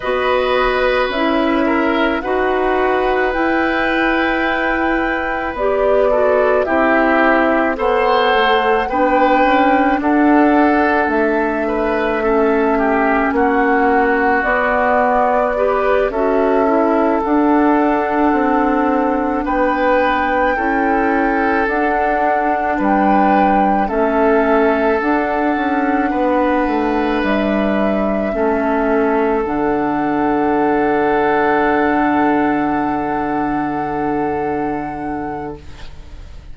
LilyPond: <<
  \new Staff \with { instrumentName = "flute" } { \time 4/4 \tempo 4 = 54 dis''4 e''4 fis''4 g''4~ | g''4 d''4 e''4 fis''4 | g''4 fis''4 e''2 | fis''4 d''4. e''4 fis''8~ |
fis''4. g''2 fis''8~ | fis''8 g''4 e''4 fis''4.~ | fis''8 e''2 fis''4.~ | fis''1 | }
  \new Staff \with { instrumentName = "oboe" } { \time 4/4 b'4. ais'8 b'2~ | b'4. a'8 g'4 c''4 | b'4 a'4. b'8 a'8 g'8 | fis'2 b'8 a'4.~ |
a'4. b'4 a'4.~ | a'8 b'4 a'2 b'8~ | b'4. a'2~ a'8~ | a'1 | }
  \new Staff \with { instrumentName = "clarinet" } { \time 4/4 fis'4 e'4 fis'4 e'4~ | e'4 g'8 fis'8 e'4 a'4 | d'2. cis'4~ | cis'4 b4 g'8 fis'8 e'8 d'8~ |
d'2~ d'8 e'4 d'8~ | d'4. cis'4 d'4.~ | d'4. cis'4 d'4.~ | d'1 | }
  \new Staff \with { instrumentName = "bassoon" } { \time 4/4 b4 cis'4 dis'4 e'4~ | e'4 b4 c'4 b8 a8 | b8 cis'8 d'4 a2 | ais4 b4. cis'4 d'8~ |
d'8 c'4 b4 cis'4 d'8~ | d'8 g4 a4 d'8 cis'8 b8 | a8 g4 a4 d4.~ | d1 | }
>>